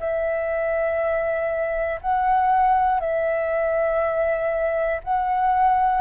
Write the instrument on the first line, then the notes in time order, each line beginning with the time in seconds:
flute
0.00 E5
2.02 F#5
3.01 E5
5.04 F#5